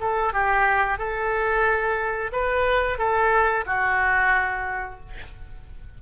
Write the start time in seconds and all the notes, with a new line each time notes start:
0.00 A4
0.33 G4
0.98 A4
2.32 B4
2.98 A4
3.66 F#4